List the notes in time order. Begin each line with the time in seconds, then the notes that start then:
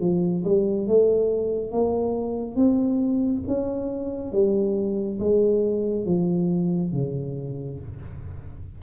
0.00 F3
0.44 G3
0.87 A3
1.72 A#3
2.55 C4
3.47 C#4
4.32 G3
5.20 G#3
6.06 F3
6.92 C#3